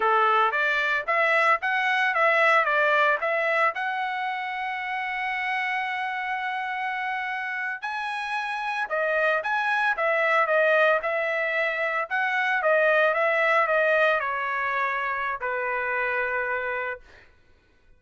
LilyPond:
\new Staff \with { instrumentName = "trumpet" } { \time 4/4 \tempo 4 = 113 a'4 d''4 e''4 fis''4 | e''4 d''4 e''4 fis''4~ | fis''1~ | fis''2~ fis''8. gis''4~ gis''16~ |
gis''8. dis''4 gis''4 e''4 dis''16~ | dis''8. e''2 fis''4 dis''16~ | dis''8. e''4 dis''4 cis''4~ cis''16~ | cis''4 b'2. | }